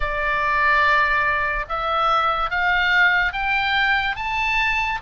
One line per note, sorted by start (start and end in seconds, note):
0.00 1.65 D5
1.69 2.50 E5
2.50 3.33 F5
3.33 4.16 G5
4.16 4.99 A5